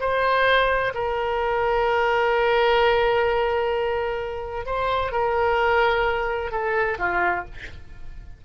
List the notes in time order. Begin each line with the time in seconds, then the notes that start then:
0.00 C5
0.94 A#4
4.66 C5
5.12 A#4
6.51 A4
6.98 F4